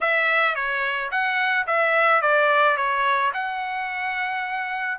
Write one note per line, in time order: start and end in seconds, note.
0.00 0.55 E5
0.55 1.10 C#5
1.11 1.66 F#5
1.66 2.21 E5
2.21 2.76 D5
2.76 3.32 C#5
3.33 4.98 F#5